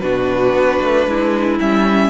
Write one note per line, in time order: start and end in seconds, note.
0.00 0.53 B2
0.00 1.60 D4
0.00 1.08 F#4
0.00 1.58 B4
0.53 0.79 B3
0.81 1.07 A3
1.07 1.59 G#3
1.07 2.10 E4
1.60 2.10 G3
1.60 2.10 C#4
1.60 2.10 E5